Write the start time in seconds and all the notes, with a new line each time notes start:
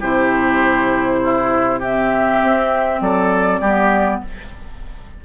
0.00 C3 E4 G4 C5
1.24 E4
1.80 C4 G4 E5
2.42 C4
3.01 F#3 A4 D5
3.60 G3 B3 G4